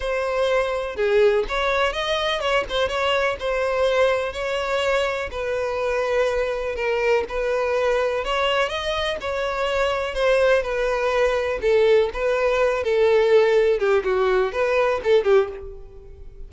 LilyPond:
\new Staff \with { instrumentName = "violin" } { \time 4/4 \tempo 4 = 124 c''2 gis'4 cis''4 | dis''4 cis''8 c''8 cis''4 c''4~ | c''4 cis''2 b'4~ | b'2 ais'4 b'4~ |
b'4 cis''4 dis''4 cis''4~ | cis''4 c''4 b'2 | a'4 b'4. a'4.~ | a'8 g'8 fis'4 b'4 a'8 g'8 | }